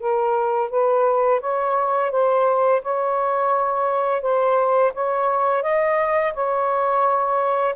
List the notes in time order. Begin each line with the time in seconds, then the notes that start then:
0.00 A#4
0.71 B4
1.41 C#5
2.11 C5
2.82 C#5
4.22 C5
4.94 C#5
5.63 D#5
6.34 C#5